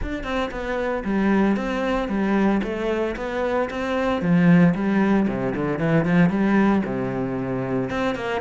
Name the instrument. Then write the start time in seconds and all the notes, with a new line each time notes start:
cello
0.02 D4
0.23 C4
0.51 B3
1.04 G3
1.56 C4
2.08 G3
2.63 A3
3.16 B3
3.69 C4
4.21 F3
4.74 G3
5.28 C3
5.55 D3
5.78 E3
6.05 F3
6.29 G3
6.85 C3
7.89 C4
8.15 A#3